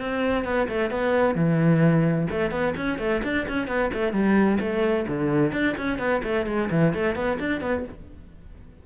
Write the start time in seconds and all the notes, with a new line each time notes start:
0.00 C4
0.45 B3
0.69 A3
0.91 B3
1.35 E3
2.31 A3
2.51 B3
2.77 C#4
2.99 A3
3.24 D4
3.48 C#4
3.68 B3
3.94 A3
4.13 G3
4.60 A3
5.08 D3
5.53 D4
5.78 C#4
5.99 B3
6.24 A3
6.47 G#3
6.71 E3
6.94 A3
7.16 B3
7.40 D4
7.62 B3